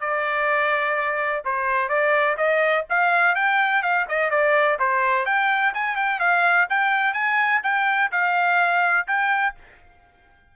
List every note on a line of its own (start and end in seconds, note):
0.00 1.43 D5
1.45 1.89 C5
1.89 2.36 D5
2.37 2.85 D#5
2.89 3.35 F5
3.35 3.82 G5
3.82 4.06 F5
4.08 4.30 D#5
4.30 4.78 D5
4.79 5.26 C5
5.26 5.73 G5
5.74 5.96 G#5
5.96 6.19 G5
6.19 6.67 F5
6.70 7.13 G5
7.13 7.61 G#5
7.63 8.11 G5
8.11 9.07 F5
9.07 9.55 G5